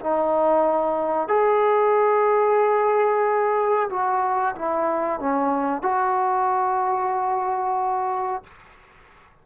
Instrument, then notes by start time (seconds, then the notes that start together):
trombone
0.00 D#4
1.28 G#4
3.90 F#4
4.55 E4
5.20 C#4
5.82 F#4